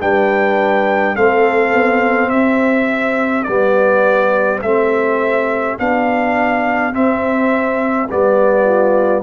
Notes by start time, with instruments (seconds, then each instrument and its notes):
0.00 tuba G3, trombone D4, horn B4, trumpet G5
1.15 tuba A3, trombone C4, horn A4, trumpet F5
1.73 tuba B3
2.29 tuba C4, horn G4, trumpet E5
3.43 tuba G3, trombone B3, trumpet D5
4.62 tuba A3, trombone C4, trumpet E5
5.79 tuba B3, trombone D4, trumpet F5
6.92 trombone C4, tuba C4, trumpet E5
8.09 tuba G3, trombone B3, trumpet D5
8.64 horn F4